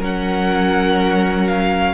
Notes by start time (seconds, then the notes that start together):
0.00 F#3 C#4 A#4 F#5
1.48 F5